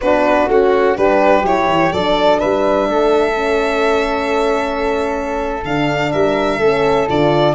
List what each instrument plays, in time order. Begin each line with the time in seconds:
0.01 tuba B3, horn D4, flute F#4, violin B4
0.47 tuba A3, horn C#4, violin F#4
0.96 tuba G3, horn D4, flute G4, violin B4
1.42 tuba F#3, horn E4, violin C#5
1.65 tuba E3
1.92 tuba F#3, horn D4, flute A4, violin D5
2.39 tuba G3, flute B4, violin E5
2.88 tuba A3, flute A4
3.34 horn C#4
5.64 tuba D3, horn D4, violin F5
6.12 tuba G3, flute A#4, violin E5
6.58 tuba A3, horn C#4, flute A4
7.07 tuba D3, horn F4, violin D5